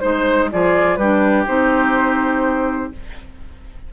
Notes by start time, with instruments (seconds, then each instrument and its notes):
0.00 bassoon G#3, clarinet D#4, flute C5, oboe C5
0.52 bassoon F3, clarinet F4, oboe G#4, flute D5
0.96 bassoon G3, clarinet D4, oboe G4, flute B4
1.46 bassoon C4, clarinet D#4, flute C5